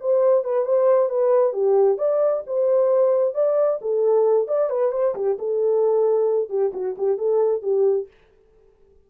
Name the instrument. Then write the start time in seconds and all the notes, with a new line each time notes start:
horn
0.00 C5
0.44 B4
0.65 C5
1.10 B4
1.54 G4
1.98 D5
2.47 C5
3.35 D5
3.82 A4
4.48 D5
4.70 B4
4.92 C5
5.15 G4
5.39 A4
6.50 G4
6.74 F#4
6.98 G4
7.18 A4
7.63 G4